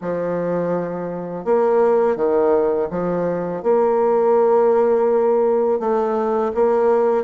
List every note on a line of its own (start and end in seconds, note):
0.01 1.45 F3
1.45 2.16 A#3
2.16 2.88 D#3
2.90 3.62 F3
3.62 5.79 A#3
5.79 6.52 A3
6.54 7.24 A#3